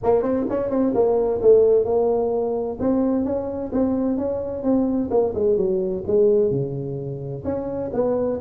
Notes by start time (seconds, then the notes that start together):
0.03 A#3
0.22 C4
0.49 C#4
0.70 C4
0.94 A#3
1.41 A3
1.85 A#3
2.80 C4
3.24 C#4
3.72 C4
4.17 C#4
4.63 C4
5.10 A#3
5.34 G#3
5.57 F#3
6.06 G#3
6.50 C#3
7.44 C#4
7.93 B3